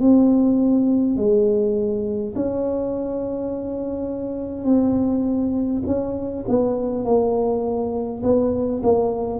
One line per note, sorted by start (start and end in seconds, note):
0.00 1.17 C4
1.17 2.34 G#3
2.36 4.65 C#4
4.65 5.82 C4
5.87 6.45 C#4
6.48 7.04 B3
7.04 8.22 A#3
8.23 8.82 B3
8.83 9.40 A#3